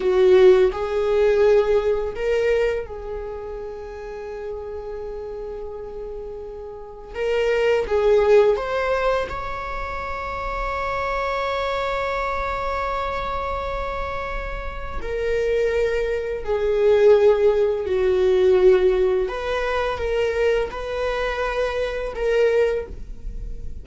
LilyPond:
\new Staff \with { instrumentName = "viola" } { \time 4/4 \tempo 4 = 84 fis'4 gis'2 ais'4 | gis'1~ | gis'2 ais'4 gis'4 | c''4 cis''2.~ |
cis''1~ | cis''4 ais'2 gis'4~ | gis'4 fis'2 b'4 | ais'4 b'2 ais'4 | }